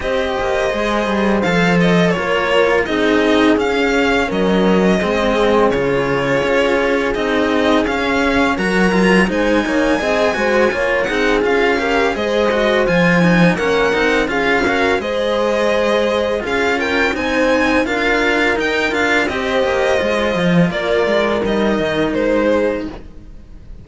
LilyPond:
<<
  \new Staff \with { instrumentName = "violin" } { \time 4/4 \tempo 4 = 84 dis''2 f''8 dis''8 cis''4 | dis''4 f''4 dis''2 | cis''2 dis''4 f''4 | ais''4 gis''2~ gis''8 fis''8 |
f''4 dis''4 gis''4 fis''4 | f''4 dis''2 f''8 g''8 | gis''4 f''4 g''8 f''8 dis''4~ | dis''4 d''4 dis''4 c''4 | }
  \new Staff \with { instrumentName = "horn" } { \time 4/4 c''2. ais'4 | gis'2 ais'4 gis'4~ | gis'1 | ais'4 c''8 cis''8 dis''8 c''8 cis''8 gis'8~ |
gis'8 ais'8 c''2 ais'4 | gis'8 ais'8 c''2 gis'8 ais'8 | c''4 ais'2 c''4~ | c''4 ais'2~ ais'8 gis'8 | }
  \new Staff \with { instrumentName = "cello" } { \time 4/4 g'4 gis'4 a'4 f'4 | dis'4 cis'2 c'4 | f'2 dis'4 cis'4 | fis'8 f'8 dis'4 gis'8 fis'8 f'8 dis'8 |
f'8 g'8 gis'8 fis'8 f'8 dis'8 cis'8 dis'8 | f'8 fis'8 gis'2 f'4 | dis'4 f'4 dis'8 f'8 g'4 | f'2 dis'2 | }
  \new Staff \with { instrumentName = "cello" } { \time 4/4 c'8 ais8 gis8 g8 f4 ais4 | c'4 cis'4 fis4 gis4 | cis4 cis'4 c'4 cis'4 | fis4 gis8 ais8 c'8 gis8 ais8 c'8 |
cis'4 gis4 f4 ais8 c'8 | cis'4 gis2 cis'4 | c'4 d'4 dis'8 d'8 c'8 ais8 | gis8 f8 ais8 gis8 g8 dis8 gis4 | }
>>